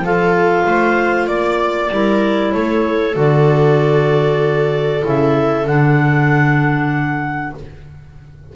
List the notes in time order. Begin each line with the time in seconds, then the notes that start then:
0.00 F3 F4 A4 F5
0.66 A3 C5
1.27 A#3 D5
1.91 G3 E4 A#4
2.53 A3 A4 C#5
3.14 D3 F#4 D5
5.03 C#3 E4 E5
5.66 D3 D4 F#5